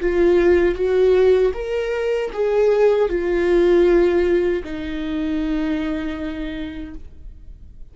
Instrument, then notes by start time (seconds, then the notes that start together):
viola
0.00 F4
0.75 F#4
1.53 A#4
2.33 G#4
3.09 F4
4.63 D#4